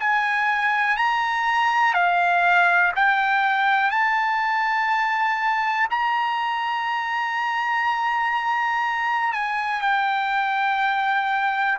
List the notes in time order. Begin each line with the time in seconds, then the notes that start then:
0.00 G#5
0.97 A#5
1.94 F5
2.96 G5
3.91 A5
5.91 A#5
9.33 G#5
9.81 G5